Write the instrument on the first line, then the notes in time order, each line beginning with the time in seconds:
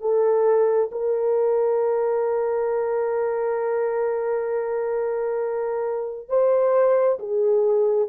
horn
0.00 A4
0.91 A#4
6.28 C5
7.19 G#4